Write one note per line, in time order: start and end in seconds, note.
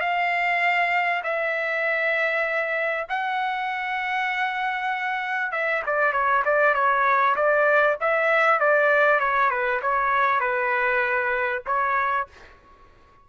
0.00 1.22 F5
1.23 3.07 E5
3.09 5.52 F#5
5.52 5.82 E5
5.86 6.13 D5
6.13 6.43 C#5
6.45 6.74 D5
6.74 7.35 C#5
7.36 7.97 D5
8.00 8.60 E5
8.60 9.20 D5
9.20 9.50 C#5
9.50 9.81 B4
9.82 10.40 C#5
10.40 11.62 B4
11.66 12.27 C#5